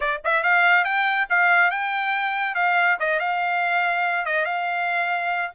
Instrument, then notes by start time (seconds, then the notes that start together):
trumpet
0.00 D5
0.24 E5
0.43 F5
0.84 G5
1.29 F5
1.70 G5
2.55 F5
2.99 D#5
3.19 F5
4.25 D#5
4.45 F5